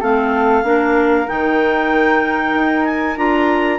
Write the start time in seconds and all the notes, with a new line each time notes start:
0.00 A3 C4 A4 F5
0.63 A#3 D4 A#4
1.26 D#3 D#4 G5
2.53 D#4
2.84 G#5
3.16 D4 F4 A#5